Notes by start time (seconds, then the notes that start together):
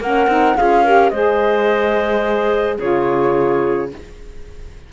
0.00 A#3 C#4 A#4 F#5
0.27 C4 D#4
0.57 C#4 F4 G#4 F5
0.83 G4 A#4
1.09 G#3 G#4 C5 D#5
2.78 C#3 F4 G#4 C#5